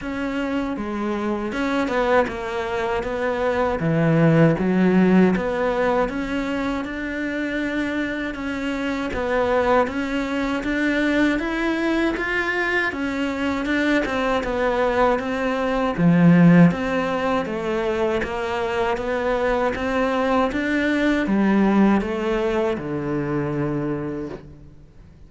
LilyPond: \new Staff \with { instrumentName = "cello" } { \time 4/4 \tempo 4 = 79 cis'4 gis4 cis'8 b8 ais4 | b4 e4 fis4 b4 | cis'4 d'2 cis'4 | b4 cis'4 d'4 e'4 |
f'4 cis'4 d'8 c'8 b4 | c'4 f4 c'4 a4 | ais4 b4 c'4 d'4 | g4 a4 d2 | }